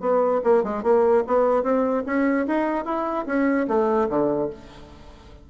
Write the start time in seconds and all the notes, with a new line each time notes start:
0.00 B3
0.43 A#3
0.63 G#3
0.83 A#3
1.27 B3
1.63 C4
2.06 C#4
2.47 D#4
2.85 E4
3.26 C#4
3.68 A3
4.09 D3